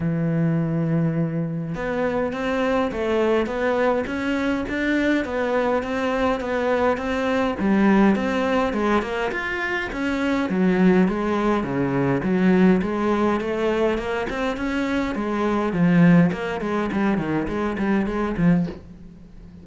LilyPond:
\new Staff \with { instrumentName = "cello" } { \time 4/4 \tempo 4 = 103 e2. b4 | c'4 a4 b4 cis'4 | d'4 b4 c'4 b4 | c'4 g4 c'4 gis8 ais8 |
f'4 cis'4 fis4 gis4 | cis4 fis4 gis4 a4 | ais8 c'8 cis'4 gis4 f4 | ais8 gis8 g8 dis8 gis8 g8 gis8 f8 | }